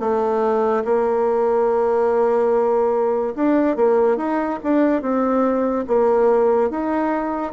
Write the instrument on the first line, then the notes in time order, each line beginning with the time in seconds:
bassoon
0.00 A3
0.84 A#3
3.35 D4
3.76 A#3
4.17 D#4
4.63 D4
5.02 C4
5.87 A#3
6.70 D#4